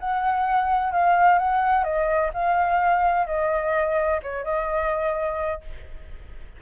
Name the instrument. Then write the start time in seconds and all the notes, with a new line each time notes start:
flute
0.00 F#5
0.92 F5
1.39 F#5
1.84 D#5
2.34 F5
3.27 D#5
4.23 C#5
4.44 D#5